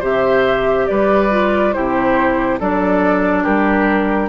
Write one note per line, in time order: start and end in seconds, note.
0.00 0.88 C3
0.00 1.30 G4
0.00 0.86 C5
0.00 0.87 E5
0.87 1.76 G3
0.87 1.75 B4
0.87 1.73 D5
1.31 1.73 F4
1.73 2.60 C3
1.73 2.59 E4
1.73 2.60 G4
1.73 2.58 C5
2.60 3.45 F#3
2.60 4.29 D4
2.60 3.43 A4
2.60 3.44 D5
3.43 4.29 G3
3.43 4.29 G4
3.43 4.29 A#4